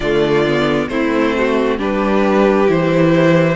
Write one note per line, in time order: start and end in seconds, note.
0.00 0.87 D3
0.00 0.46 A3
0.00 0.88 F4
0.00 0.88 D5
0.46 0.90 B3
0.88 1.78 A3
0.88 1.78 C4
0.88 1.36 E4
0.88 1.78 C5
1.38 1.79 F#4
1.78 2.68 G3
1.78 2.67 D4
1.78 3.55 G4
1.78 2.70 B4
2.67 3.55 E3
2.67 3.55 E4
2.67 3.55 C5